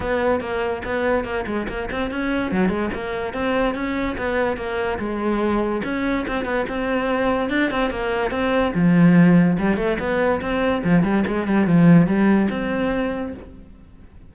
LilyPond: \new Staff \with { instrumentName = "cello" } { \time 4/4 \tempo 4 = 144 b4 ais4 b4 ais8 gis8 | ais8 c'8 cis'4 fis8 gis8 ais4 | c'4 cis'4 b4 ais4 | gis2 cis'4 c'8 b8 |
c'2 d'8 c'8 ais4 | c'4 f2 g8 a8 | b4 c'4 f8 g8 gis8 g8 | f4 g4 c'2 | }